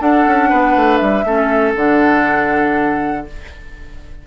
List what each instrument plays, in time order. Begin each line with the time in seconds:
0.00 clarinet D4, bassoon D4, oboe A4, flute F#5
0.27 bassoon C#4
0.49 bassoon B3, oboe B4
0.76 bassoon A3
0.97 bassoon G3, flute E5
1.24 bassoon A3, clarinet C#4, oboe A4
1.75 bassoon D3, clarinet D4, flute F#5